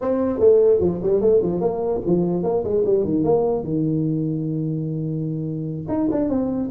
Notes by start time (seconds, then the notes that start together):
0.01 C4
0.39 A3
0.80 F3
1.02 G3
1.21 A3
1.42 F3
1.60 A#3
2.05 F3
2.43 A#3
2.64 G#3
2.85 G3
3.04 D#3
3.24 A#3
3.63 D#3
5.88 D#4
6.11 D4
6.29 C4